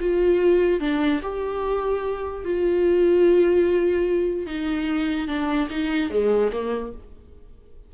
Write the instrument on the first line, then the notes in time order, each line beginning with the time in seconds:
viola
0.00 F4
0.80 D4
1.22 G4
2.44 F4
4.46 D#4
5.27 D4
5.70 D#4
6.10 G#3
6.52 A#3